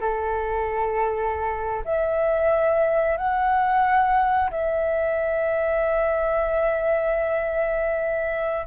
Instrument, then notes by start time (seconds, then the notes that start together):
flute
0.00 A4
1.85 E5
3.17 F#5
4.50 E5